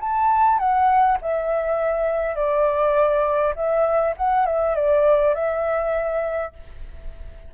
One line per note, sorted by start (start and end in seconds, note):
0.00 0.58 A5
0.58 1.17 F#5
1.21 2.35 E5
2.35 3.54 D5
3.55 4.14 E5
4.17 4.46 F#5
4.46 4.75 E5
4.75 5.34 D5
5.34 6.53 E5